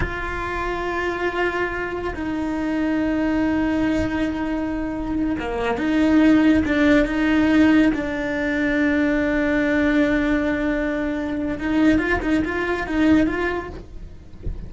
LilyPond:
\new Staff \with { instrumentName = "cello" } { \time 4/4 \tempo 4 = 140 f'1~ | f'4 dis'2.~ | dis'1~ | dis'8 ais4 dis'2 d'8~ |
d'8 dis'2 d'4.~ | d'1~ | d'2. dis'4 | f'8 dis'8 f'4 dis'4 f'4 | }